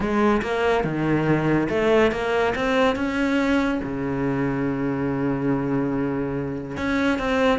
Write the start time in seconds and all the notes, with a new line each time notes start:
0.00 G#3
0.41 A#3
0.84 D#3
1.69 A3
2.11 A#3
2.55 C4
2.95 C#4
3.83 C#3
6.77 C#4
7.19 C4